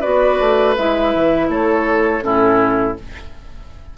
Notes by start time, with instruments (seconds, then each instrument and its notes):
0.00 bassoon B3, clarinet F#4, oboe B4, flute D5
0.39 bassoon A3
0.76 bassoon G#3, clarinet E4, flute E5
1.14 bassoon E3
1.48 bassoon A3, oboe A4, flute C#5
2.21 bassoon A2, clarinet C#4, oboe E4, flute A4